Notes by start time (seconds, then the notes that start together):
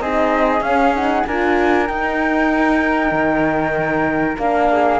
0.00 C4 D#4 G#4 D#5
0.60 C#4 F5
0.94 D#4 F#5
1.26 D4 F4 A#4 G#5
1.87 D#4 G5
3.11 D#3
4.38 A#3 D4 F5
4.71 G#4